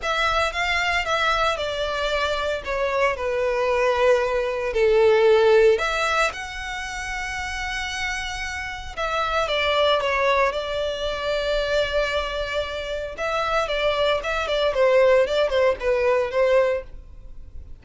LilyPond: \new Staff \with { instrumentName = "violin" } { \time 4/4 \tempo 4 = 114 e''4 f''4 e''4 d''4~ | d''4 cis''4 b'2~ | b'4 a'2 e''4 | fis''1~ |
fis''4 e''4 d''4 cis''4 | d''1~ | d''4 e''4 d''4 e''8 d''8 | c''4 d''8 c''8 b'4 c''4 | }